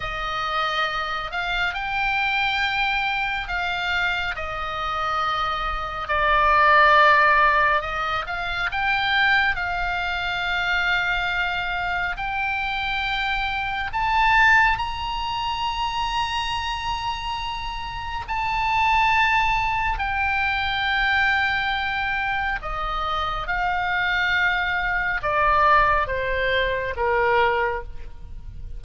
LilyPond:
\new Staff \with { instrumentName = "oboe" } { \time 4/4 \tempo 4 = 69 dis''4. f''8 g''2 | f''4 dis''2 d''4~ | d''4 dis''8 f''8 g''4 f''4~ | f''2 g''2 |
a''4 ais''2.~ | ais''4 a''2 g''4~ | g''2 dis''4 f''4~ | f''4 d''4 c''4 ais'4 | }